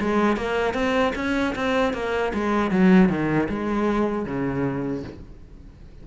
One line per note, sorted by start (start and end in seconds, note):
0.00 0.36 G#3
0.36 0.74 A#3
0.74 1.13 C4
1.15 1.54 C#4
1.55 1.93 C4
1.93 2.32 A#3
2.34 2.71 G#3
2.71 3.09 F#3
3.09 3.48 D#3
3.49 4.25 G#3
4.25 5.03 C#3